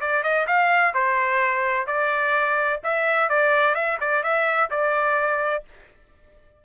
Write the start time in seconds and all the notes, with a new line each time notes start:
0.00 D5
0.23 D#5
0.47 F5
0.94 C5
1.86 D5
2.83 E5
3.29 D5
3.74 E5
4.00 D5
4.23 E5
4.70 D5